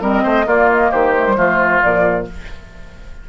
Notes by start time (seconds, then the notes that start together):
0.00 G3 C4 A#4 D#5
0.23 A3 C5
0.46 A#3 F4 D5
0.71 D#5
0.91 D#3 G4 C5
1.16 A3
1.26 G3
1.36 F3 A3 F4
1.81 A#2 F3 D5